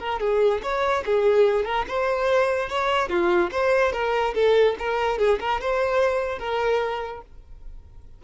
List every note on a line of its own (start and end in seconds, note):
0.00 0.20 A#4
0.20 0.62 G#4
0.63 1.04 C#5
1.06 1.65 G#4
1.65 1.86 A#4
1.88 2.69 C5
2.69 3.10 C#5
3.10 3.51 F4
3.51 3.93 C5
3.93 4.34 A#4
4.34 4.76 A4
4.79 5.19 A#4
5.19 5.39 G#4
5.40 5.61 A#4
5.61 6.39 C5
6.39 7.22 A#4